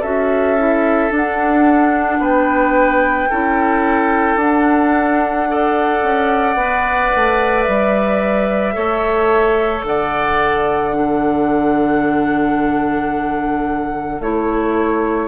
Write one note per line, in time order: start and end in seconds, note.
0.00 1.11 C#4
0.00 0.57 F#4
0.00 2.18 A4
0.00 1.12 E5
0.58 1.10 E4
1.10 3.28 D4
1.10 2.19 D4
1.10 2.23 F#5
2.19 3.28 B3
2.19 3.29 B4
2.19 4.39 G5
3.29 4.36 C#4
3.29 4.40 E4
3.29 5.47 A4
4.36 5.99 D4
4.36 5.47 D4
4.36 7.62 F#5
5.47 6.56 A4
5.47 8.75 D5
6.03 6.55 C#4
6.55 7.10 B3
6.55 8.73 B4
7.15 7.67 A3
7.62 8.76 G3
7.62 9.80 E5
8.73 9.83 A3
8.73 10.91 A4
8.73 9.84 C#5
9.83 14.19 D3
9.83 10.96 D5
9.83 14.22 F#5
10.93 14.20 D4
10.93 15.27 A4
14.20 15.27 A3
14.20 15.27 E4
14.20 15.27 C#5